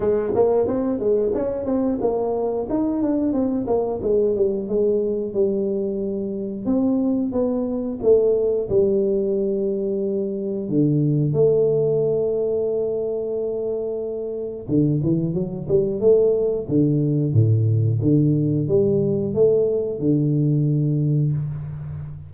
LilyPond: \new Staff \with { instrumentName = "tuba" } { \time 4/4 \tempo 4 = 90 gis8 ais8 c'8 gis8 cis'8 c'8 ais4 | dis'8 d'8 c'8 ais8 gis8 g8 gis4 | g2 c'4 b4 | a4 g2. |
d4 a2.~ | a2 d8 e8 fis8 g8 | a4 d4 a,4 d4 | g4 a4 d2 | }